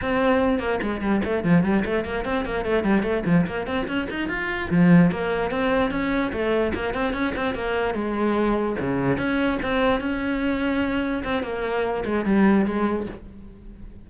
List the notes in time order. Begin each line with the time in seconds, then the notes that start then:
0.01 C4
0.59 A#3
0.82 G#3
1.01 G3
1.24 A3
1.43 F3
1.63 G3
1.85 A3
2.04 A#3
2.24 C4
2.45 A#3
2.65 A3
2.83 G3
3.02 A3
3.25 F3
3.46 A#3
3.67 C4
3.87 C#4
4.10 D#4
4.29 F4
4.70 F3
5.11 A#3
5.51 C4
5.90 C#4
6.32 A3
6.74 A#3
6.94 C4
7.13 C#4
7.35 C4
7.55 A#3
7.94 G#3
8.79 C#3
9.17 C#4
9.62 C4
10.00 C#4
11.24 C4
11.42 A#3
12.05 G#3
12.25 G3
12.65 G#3